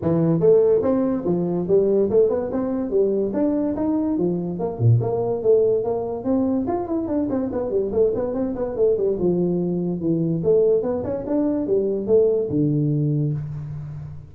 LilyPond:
\new Staff \with { instrumentName = "tuba" } { \time 4/4 \tempo 4 = 144 e4 a4 c'4 f4 | g4 a8 b8 c'4 g4 | d'4 dis'4 f4 ais8 ais,8 | ais4 a4 ais4 c'4 |
f'8 e'8 d'8 c'8 b8 g8 a8 b8 | c'8 b8 a8 g8 f2 | e4 a4 b8 cis'8 d'4 | g4 a4 d2 | }